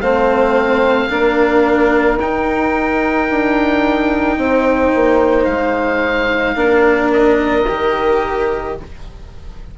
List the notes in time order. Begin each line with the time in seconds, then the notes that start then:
0.00 A3 C4 C5 F5
1.09 A#3 D4 A#4
2.19 D#4 G5
3.29 D4
4.37 C4 C5
4.95 A#3
5.45 G#3 F5
6.55 A#3 D4 A#4
7.12 D#5
7.67 D#3 G4